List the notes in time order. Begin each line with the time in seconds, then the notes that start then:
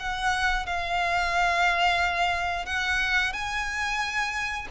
0.00 F#5
0.66 F5
2.66 F#5
3.33 G#5